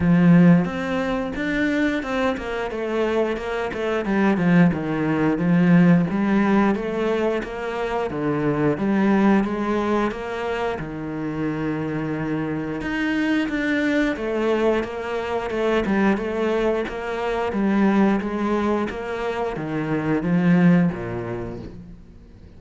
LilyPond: \new Staff \with { instrumentName = "cello" } { \time 4/4 \tempo 4 = 89 f4 c'4 d'4 c'8 ais8 | a4 ais8 a8 g8 f8 dis4 | f4 g4 a4 ais4 | d4 g4 gis4 ais4 |
dis2. dis'4 | d'4 a4 ais4 a8 g8 | a4 ais4 g4 gis4 | ais4 dis4 f4 ais,4 | }